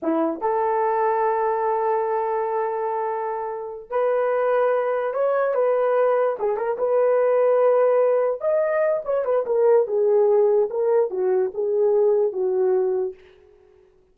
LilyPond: \new Staff \with { instrumentName = "horn" } { \time 4/4 \tempo 4 = 146 e'4 a'2.~ | a'1~ | a'4. b'2~ b'8~ | b'8 cis''4 b'2 gis'8 |
ais'8 b'2.~ b'8~ | b'8 dis''4. cis''8 b'8 ais'4 | gis'2 ais'4 fis'4 | gis'2 fis'2 | }